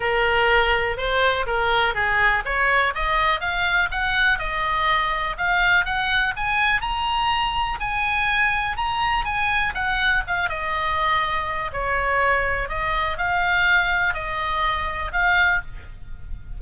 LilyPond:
\new Staff \with { instrumentName = "oboe" } { \time 4/4 \tempo 4 = 123 ais'2 c''4 ais'4 | gis'4 cis''4 dis''4 f''4 | fis''4 dis''2 f''4 | fis''4 gis''4 ais''2 |
gis''2 ais''4 gis''4 | fis''4 f''8 dis''2~ dis''8 | cis''2 dis''4 f''4~ | f''4 dis''2 f''4 | }